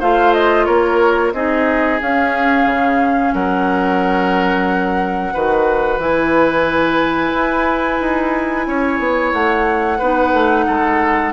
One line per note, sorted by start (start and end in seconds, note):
0.00 0.67 A3
0.00 1.34 F4
0.00 0.66 C5
0.00 0.34 F5
0.34 0.65 D#5
0.65 1.33 A#3
0.65 1.33 A#4
0.65 1.32 C#5
1.33 2.00 C4
1.33 2.01 D#4
1.33 3.34 G#4
1.33 2.00 D#5
2.02 5.33 C#4
2.02 2.65 C#4
2.02 3.34 F5
2.65 3.32 C#3
3.34 5.34 F#3
3.34 5.34 A#4
3.34 6.01 F#5
5.33 5.98 D#3
5.33 6.00 F#4
5.33 8.67 B4
5.98 7.32 E3
5.98 10.00 E4
5.98 9.33 G#5
7.33 8.00 E4
8.00 8.67 D#4
8.67 8.99 C#4
8.67 9.98 C#5
8.99 9.32 B3
9.33 10.00 A3
9.33 11.33 F#5
9.98 10.33 B3
9.98 11.33 D#4
9.98 10.65 B4
10.33 10.66 A3
10.67 11.33 G#3
10.67 11.33 A4